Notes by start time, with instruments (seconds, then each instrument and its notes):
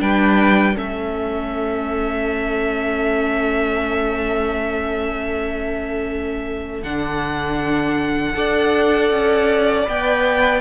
0.00 cello G3, viola D4, violin B4 G5
0.74 cello A3, viola C#4, violin A4 E5
6.83 cello D3, viola D4, violin F#5
8.34 cello D4, viola A4, violin D5
9.11 cello C#4
9.85 cello B3, viola B4, violin G5